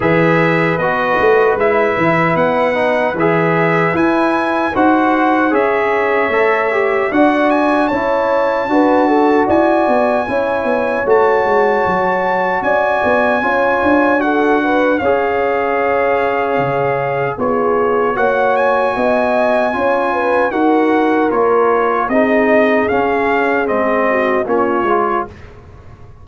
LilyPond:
<<
  \new Staff \with { instrumentName = "trumpet" } { \time 4/4 \tempo 4 = 76 e''4 dis''4 e''4 fis''4 | e''4 gis''4 fis''4 e''4~ | e''4 fis''8 gis''8 a''2 | gis''2 a''2 |
gis''2 fis''4 f''4~ | f''2 cis''4 fis''8 gis''8~ | gis''2 fis''4 cis''4 | dis''4 f''4 dis''4 cis''4 | }
  \new Staff \with { instrumentName = "horn" } { \time 4/4 b'1~ | b'2 c''4 cis''4~ | cis''4 d''4 cis''4 b'8 a'8 | d''4 cis''2. |
d''4 cis''4 a'8 b'8 cis''4~ | cis''2 gis'4 cis''4 | dis''4 cis''8 b'8 ais'2 | gis'2~ gis'8 fis'8 f'4 | }
  \new Staff \with { instrumentName = "trombone" } { \time 4/4 gis'4 fis'4 e'4. dis'8 | gis'4 e'4 fis'4 gis'4 | a'8 g'8 fis'4 e'4 fis'4~ | fis'4 e'4 fis'2~ |
fis'4 f'4 fis'4 gis'4~ | gis'2 f'4 fis'4~ | fis'4 f'4 fis'4 f'4 | dis'4 cis'4 c'4 cis'8 f'8 | }
  \new Staff \with { instrumentName = "tuba" } { \time 4/4 e4 b8 a8 gis8 e8 b4 | e4 e'4 dis'4 cis'4 | a4 d'4 cis'4 d'4 | e'8 b8 cis'8 b8 a8 gis8 fis4 |
cis'8 b8 cis'8 d'4. cis'4~ | cis'4 cis4 b4 ais4 | b4 cis'4 dis'4 ais4 | c'4 cis'4 gis4 ais8 gis8 | }
>>